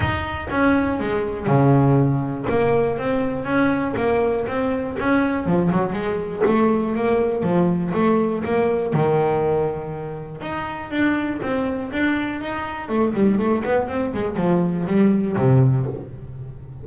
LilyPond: \new Staff \with { instrumentName = "double bass" } { \time 4/4 \tempo 4 = 121 dis'4 cis'4 gis4 cis4~ | cis4 ais4 c'4 cis'4 | ais4 c'4 cis'4 f8 fis8 | gis4 a4 ais4 f4 |
a4 ais4 dis2~ | dis4 dis'4 d'4 c'4 | d'4 dis'4 a8 g8 a8 b8 | c'8 gis8 f4 g4 c4 | }